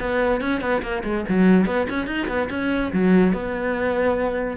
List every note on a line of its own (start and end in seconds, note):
0.00 0.41 B3
0.41 0.61 C#4
0.61 0.82 B3
0.82 1.03 A#3
1.04 1.25 G#3
1.29 1.66 F#3
1.66 1.87 B3
1.90 2.07 C#4
2.07 2.28 D#4
2.28 2.49 B3
2.50 2.92 C#4
2.93 3.33 F#3
3.33 4.57 B3